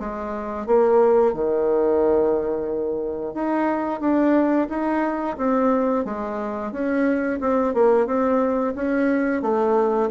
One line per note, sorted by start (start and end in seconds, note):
0.00 0.67 G#3
0.67 1.34 A#3
1.34 3.35 D#3
3.35 4.01 D#4
4.01 4.68 D4
4.70 5.37 D#4
5.38 6.05 C4
6.06 6.73 G#3
6.73 7.40 C#4
7.41 7.75 C4
7.75 8.07 A#3
8.07 8.75 C4
8.75 9.43 C#4
9.43 10.10 A3